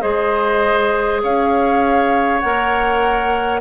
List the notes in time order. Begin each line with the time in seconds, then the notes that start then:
0.00 G#3 G#4 C5 D#5
1.23 C#4 C#5 F5
2.40 A#3 A#4 F#5